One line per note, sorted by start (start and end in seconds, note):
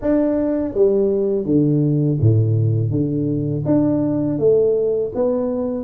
0.01 0.74 D4
0.74 1.45 G3
1.45 2.18 D3
2.20 2.90 A2
2.90 3.64 D3
3.66 4.38 D4
4.38 5.12 A3
5.14 5.84 B3